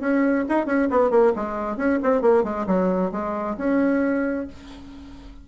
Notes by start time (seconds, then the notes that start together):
0.00 C#4
0.49 D#4
0.66 C#4
0.90 B3
1.10 A#3
1.36 G#3
1.77 C#4
2.03 C4
2.21 A#3
2.43 G#3
2.67 F#3
3.11 G#3
3.58 C#4